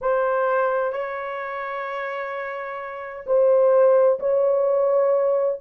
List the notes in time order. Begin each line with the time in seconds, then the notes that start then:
0.01 C5
0.92 C#5
3.26 C5
4.19 C#5